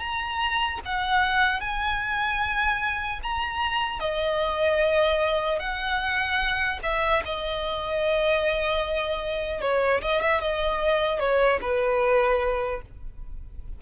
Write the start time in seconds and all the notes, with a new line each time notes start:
0.00 A#5
0.85 F#5
1.61 G#5
3.23 A#5
4.00 D#5
5.59 F#5
6.83 E5
7.26 D#5
9.61 C#5
10.02 D#5
10.22 E5
10.41 D#5
11.20 C#5
11.62 B4